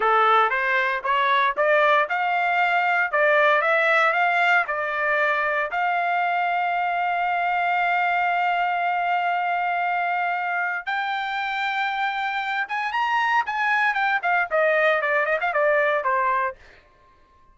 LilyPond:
\new Staff \with { instrumentName = "trumpet" } { \time 4/4 \tempo 4 = 116 a'4 c''4 cis''4 d''4 | f''2 d''4 e''4 | f''4 d''2 f''4~ | f''1~ |
f''1~ | f''4 g''2.~ | g''8 gis''8 ais''4 gis''4 g''8 f''8 | dis''4 d''8 dis''16 f''16 d''4 c''4 | }